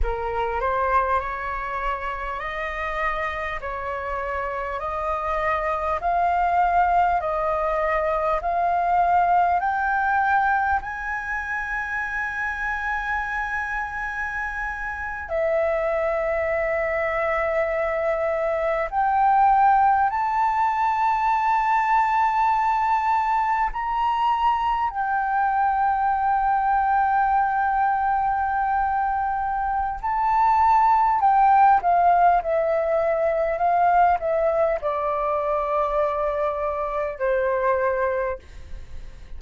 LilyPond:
\new Staff \with { instrumentName = "flute" } { \time 4/4 \tempo 4 = 50 ais'8 c''8 cis''4 dis''4 cis''4 | dis''4 f''4 dis''4 f''4 | g''4 gis''2.~ | gis''8. e''2. g''16~ |
g''8. a''2. ais''16~ | ais''8. g''2.~ g''16~ | g''4 a''4 g''8 f''8 e''4 | f''8 e''8 d''2 c''4 | }